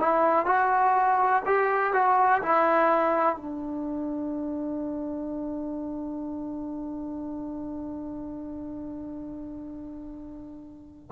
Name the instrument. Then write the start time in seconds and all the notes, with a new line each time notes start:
trombone
0.00 E4
0.46 F#4
1.46 G4
1.94 F#4
2.42 E4
3.37 D4